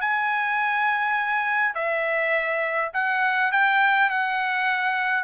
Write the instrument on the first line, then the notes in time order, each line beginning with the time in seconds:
trumpet
0.00 G#5
1.74 E5
2.93 F#5
3.51 G5
4.10 F#5